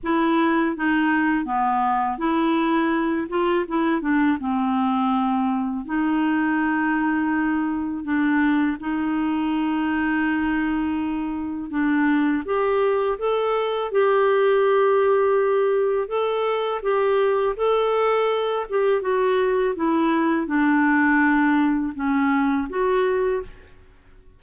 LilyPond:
\new Staff \with { instrumentName = "clarinet" } { \time 4/4 \tempo 4 = 82 e'4 dis'4 b4 e'4~ | e'8 f'8 e'8 d'8 c'2 | dis'2. d'4 | dis'1 |
d'4 g'4 a'4 g'4~ | g'2 a'4 g'4 | a'4. g'8 fis'4 e'4 | d'2 cis'4 fis'4 | }